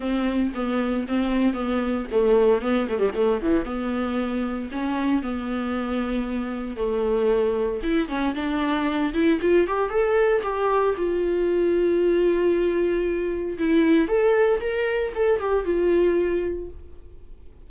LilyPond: \new Staff \with { instrumentName = "viola" } { \time 4/4 \tempo 4 = 115 c'4 b4 c'4 b4 | a4 b8 a16 g16 a8 e8 b4~ | b4 cis'4 b2~ | b4 a2 e'8 cis'8 |
d'4. e'8 f'8 g'8 a'4 | g'4 f'2.~ | f'2 e'4 a'4 | ais'4 a'8 g'8 f'2 | }